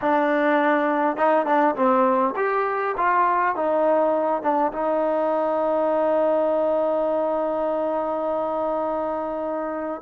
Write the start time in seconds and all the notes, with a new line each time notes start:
0.01 D4
1.17 D#4
1.45 D4
1.75 C4
2.36 G4
2.97 F4
3.55 D#4
4.42 D4
4.72 D#4